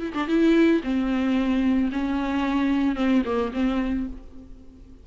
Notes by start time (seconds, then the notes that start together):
0.00 E4
0.15 D4
0.28 E4
0.84 C4
1.92 C#4
2.96 C4
3.26 A#3
3.54 C4